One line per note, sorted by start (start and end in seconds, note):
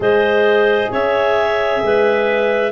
0.00 0.87 G#3
0.00 2.72 G#4
0.00 0.91 C5
0.00 0.92 D#5
0.90 1.81 C#4
0.90 1.82 C#5
0.90 2.72 E5
1.81 2.72 G#3
1.81 2.72 B4